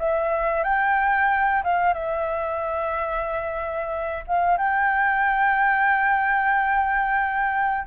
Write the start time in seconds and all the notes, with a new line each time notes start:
0.00 E5
0.64 G5
1.64 F5
1.94 E5
4.28 F5
4.58 G5